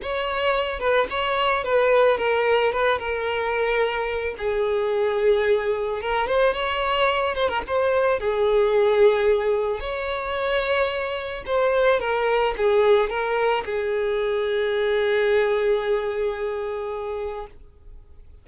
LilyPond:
\new Staff \with { instrumentName = "violin" } { \time 4/4 \tempo 4 = 110 cis''4. b'8 cis''4 b'4 | ais'4 b'8 ais'2~ ais'8 | gis'2. ais'8 c''8 | cis''4. c''16 ais'16 c''4 gis'4~ |
gis'2 cis''2~ | cis''4 c''4 ais'4 gis'4 | ais'4 gis'2.~ | gis'1 | }